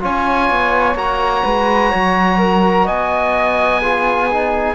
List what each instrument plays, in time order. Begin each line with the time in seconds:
0.00 cello C#4, trombone F4, flute C#5, oboe G#5
0.50 cello B3
0.95 cello A#3, trombone F#4, oboe A#5
1.43 cello G#3, flute B4
1.89 cello F#3, flute C#5
2.37 flute A#4
2.85 cello B3, flute D#5, oboe G#5
3.81 trombone F4, flute G#4
4.30 trombone D#4